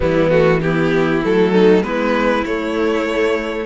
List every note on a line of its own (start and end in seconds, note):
0.00 1.23 E3
0.00 0.30 G3
0.00 0.60 B3
0.00 0.29 E4
0.29 0.60 A3
0.29 0.60 F#4
0.61 1.23 B3
0.61 1.52 E4
0.61 1.22 G4
1.23 1.82 F#3
1.23 1.82 A3
1.23 1.83 A4
1.52 1.83 D#4
1.82 2.44 G#3
1.82 2.43 B3
1.82 3.66 E4
1.82 2.44 B4
2.45 3.66 A3
2.45 3.66 C#5